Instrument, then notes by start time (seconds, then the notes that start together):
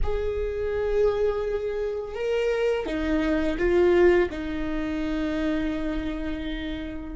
viola
0.03 G#4
2.14 A#4
2.85 D#4
3.57 F4
4.30 D#4